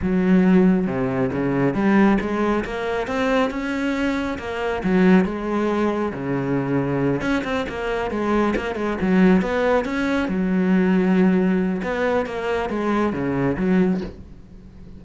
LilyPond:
\new Staff \with { instrumentName = "cello" } { \time 4/4 \tempo 4 = 137 fis2 c4 cis4 | g4 gis4 ais4 c'4 | cis'2 ais4 fis4 | gis2 cis2~ |
cis8 cis'8 c'8 ais4 gis4 ais8 | gis8 fis4 b4 cis'4 fis8~ | fis2. b4 | ais4 gis4 cis4 fis4 | }